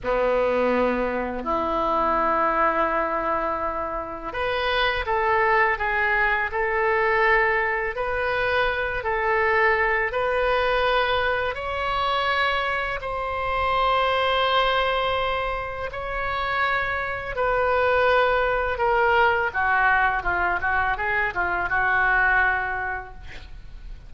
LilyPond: \new Staff \with { instrumentName = "oboe" } { \time 4/4 \tempo 4 = 83 b2 e'2~ | e'2 b'4 a'4 | gis'4 a'2 b'4~ | b'8 a'4. b'2 |
cis''2 c''2~ | c''2 cis''2 | b'2 ais'4 fis'4 | f'8 fis'8 gis'8 f'8 fis'2 | }